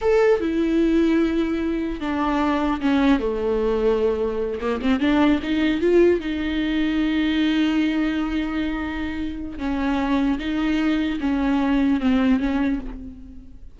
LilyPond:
\new Staff \with { instrumentName = "viola" } { \time 4/4 \tempo 4 = 150 a'4 e'2.~ | e'4 d'2 cis'4 | a2.~ a8 ais8 | c'8 d'4 dis'4 f'4 dis'8~ |
dis'1~ | dis'1 | cis'2 dis'2 | cis'2 c'4 cis'4 | }